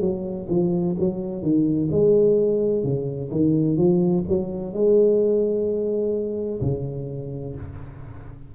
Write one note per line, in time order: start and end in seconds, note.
0.00 0.47 F#3
0.49 0.95 F3
0.99 1.41 F#3
1.41 1.88 D#3
1.90 2.83 G#3
2.83 3.30 C#3
3.31 3.77 D#3
3.77 4.24 F3
4.27 4.73 F#3
4.73 6.61 G#3
6.61 7.55 C#3